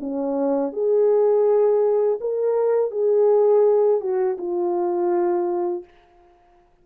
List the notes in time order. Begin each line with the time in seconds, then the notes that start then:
0.00 C#4
0.73 G#4
2.21 A#4
2.91 G#4
4.01 F#4
4.38 F4